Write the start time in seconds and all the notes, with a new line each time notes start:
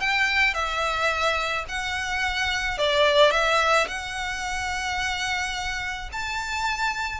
0.00 G5
0.54 E5
1.68 F#5
2.78 D5
3.31 E5
3.87 F#5
6.12 A5